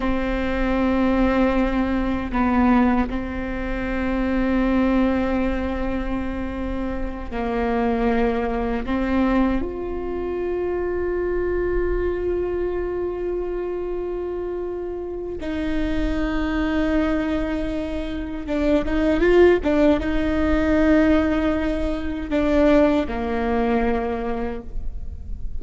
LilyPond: \new Staff \with { instrumentName = "viola" } { \time 4/4 \tempo 4 = 78 c'2. b4 | c'1~ | c'4. ais2 c'8~ | c'8 f'2.~ f'8~ |
f'1 | dis'1 | d'8 dis'8 f'8 d'8 dis'2~ | dis'4 d'4 ais2 | }